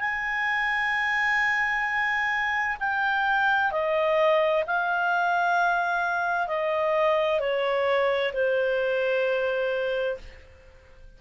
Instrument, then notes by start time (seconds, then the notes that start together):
clarinet
0.00 G#5
2.80 G5
3.72 D#5
4.67 F5
6.48 D#5
7.40 C#5
8.33 C5